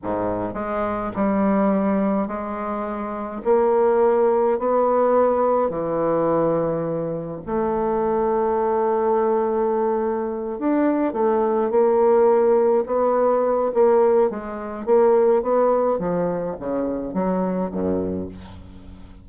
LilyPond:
\new Staff \with { instrumentName = "bassoon" } { \time 4/4 \tempo 4 = 105 gis,4 gis4 g2 | gis2 ais2 | b2 e2~ | e4 a2.~ |
a2~ a8 d'4 a8~ | a8 ais2 b4. | ais4 gis4 ais4 b4 | f4 cis4 fis4 fis,4 | }